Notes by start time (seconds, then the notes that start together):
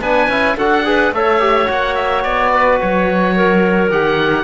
0.00 B3 D4 B4 G#5
0.28 C#4 E4
0.57 D4 F#4 A4 F#5
0.85 G#4 B4
1.12 A3 A4 C#5 E5
1.40 G4
1.67 A#3 F#4 F#5
1.95 E5
2.23 B3 D5
2.53 B4
2.81 F#3 C#5
3.36 A#4
3.90 D#3 G4 F#5